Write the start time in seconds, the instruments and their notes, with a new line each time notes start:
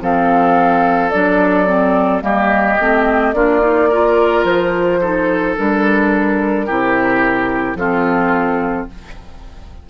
0.00 bassoon F3, clarinet C4, oboe A4, flute F5
1.10 bassoon F#3, clarinet D4, flute D5
1.66 clarinet C4
2.20 bassoon G3, clarinet A#3, oboe G4, flute D#5
2.79 bassoon A3, clarinet C4
3.33 bassoon A#3, clarinet D4, oboe F4, flute D5
3.60 clarinet D#4
3.88 clarinet F4, oboe A#4
4.44 bassoon F3, flute C5
5.00 clarinet D#4, oboe A4
5.56 bassoon G3, clarinet D4, flute A#4
6.66 bassoon C3, clarinet E4, oboe G4
7.74 bassoon F3, clarinet C4, oboe F4, flute A4